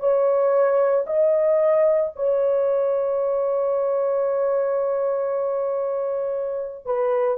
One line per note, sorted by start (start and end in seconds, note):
0.00 1.05 C#5
1.07 2.12 D#5
2.16 6.86 C#5
6.86 7.38 B4